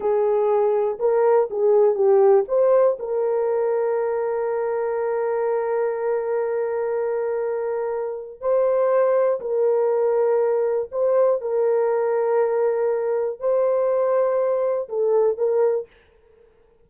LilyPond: \new Staff \with { instrumentName = "horn" } { \time 4/4 \tempo 4 = 121 gis'2 ais'4 gis'4 | g'4 c''4 ais'2~ | ais'1~ | ais'1~ |
ais'4 c''2 ais'4~ | ais'2 c''4 ais'4~ | ais'2. c''4~ | c''2 a'4 ais'4 | }